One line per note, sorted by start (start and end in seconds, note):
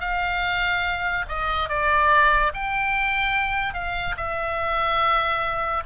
0.00 1.25 F5
1.28 1.69 D#5
1.69 2.52 D5
2.53 3.73 G5
3.73 4.15 F5
4.17 5.83 E5